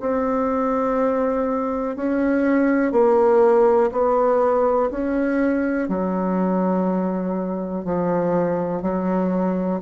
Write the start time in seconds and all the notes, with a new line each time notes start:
0.00 C4
1.96 C#4
2.92 A#3
3.92 B3
4.91 C#4
5.88 F#3
7.85 F3
8.82 F#3